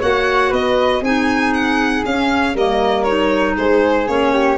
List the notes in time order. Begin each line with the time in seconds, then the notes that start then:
0.00 A#3 F#4 C#5 F#5
0.50 B3 B4 D#5
1.01 C4 D#4 G#4 G#5
1.53 F#5
2.05 C#4 F5
2.55 G3 A#3 A#4 D#5
3.03 D#4 C#5
3.57 G#3 G#4 C5
4.07 A#3 C#4 C#5
4.33 G4